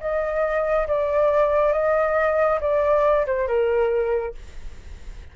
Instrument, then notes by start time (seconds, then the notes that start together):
flute
0.00 D#5
0.87 D5
1.73 D#5
2.60 D5
3.26 C5
3.47 A#4